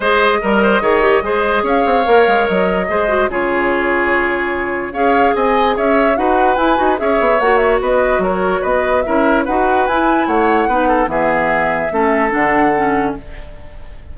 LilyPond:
<<
  \new Staff \with { instrumentName = "flute" } { \time 4/4 \tempo 4 = 146 dis''1 | f''2 dis''2 | cis''1 | f''4 gis''4 e''4 fis''4 |
gis''4 e''4 fis''8 e''8 dis''4 | cis''4 dis''4 e''4 fis''4 | gis''4 fis''2 e''4~ | e''2 fis''2 | }
  \new Staff \with { instrumentName = "oboe" } { \time 4/4 c''4 ais'8 c''8 cis''4 c''4 | cis''2. c''4 | gis'1 | cis''4 dis''4 cis''4 b'4~ |
b'4 cis''2 b'4 | ais'4 b'4 ais'4 b'4~ | b'4 cis''4 b'8 a'8 gis'4~ | gis'4 a'2. | }
  \new Staff \with { instrumentName = "clarinet" } { \time 4/4 gis'4 ais'4 gis'8 g'8 gis'4~ | gis'4 ais'2 gis'8 fis'8 | f'1 | gis'2. fis'4 |
e'8 fis'8 gis'4 fis'2~ | fis'2 e'4 fis'4 | e'2 dis'4 b4~ | b4 cis'4 d'4 cis'4 | }
  \new Staff \with { instrumentName = "bassoon" } { \time 4/4 gis4 g4 dis4 gis4 | cis'8 c'8 ais8 gis8 fis4 gis4 | cis1 | cis'4 c'4 cis'4 dis'4 |
e'8 dis'8 cis'8 b8 ais4 b4 | fis4 b4 cis'4 dis'4 | e'4 a4 b4 e4~ | e4 a4 d2 | }
>>